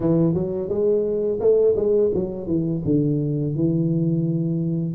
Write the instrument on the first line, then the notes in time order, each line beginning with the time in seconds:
tuba
0.00 E3
0.34 F#3
0.68 G#3
1.40 A3
1.76 G#3
2.14 F#3
2.46 E3
2.84 D3
3.55 E3